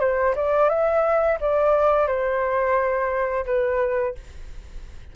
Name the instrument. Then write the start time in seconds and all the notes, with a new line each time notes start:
flute
0.00 C5
0.36 D5
0.69 E5
1.40 D5
2.08 C5
3.46 B4